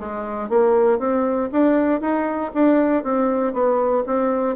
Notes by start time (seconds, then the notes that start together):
0.00 G#3
0.50 A#3
0.99 C4
1.53 D4
2.01 D#4
2.54 D4
3.04 C4
3.54 B3
4.07 C4